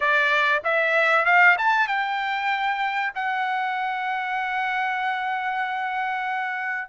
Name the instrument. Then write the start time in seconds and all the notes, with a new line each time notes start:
trumpet
0.00 D5
0.64 E5
1.25 F5
1.57 A5
1.87 G5
3.14 F#5